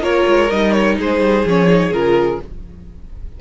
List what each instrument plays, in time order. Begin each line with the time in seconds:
0.00 cello A#3, viola F4, violin A#4 C#5
0.28 cello G#3
0.51 cello G3, viola D#4, violin D#5
0.72 violin C#5
0.99 cello G#3, violin G#4 C5
1.21 cello G3
1.45 cello F3, viola C#4, violin C#5
1.68 viola D#4
1.92 cello C#3, viola F4, violin A#4